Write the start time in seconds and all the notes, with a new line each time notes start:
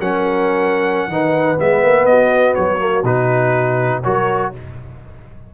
0.00 F#3 C#4 A#4 F#5
1.09 D#3 D#4 B4
1.58 G#3 B3 E5
1.83 A#3
2.06 B3 F#4 D#5
2.55 F#3 C#5
2.79 A#3
3.04 B2 D#4 B4
4.04 F#3 F#4 A#4 C#5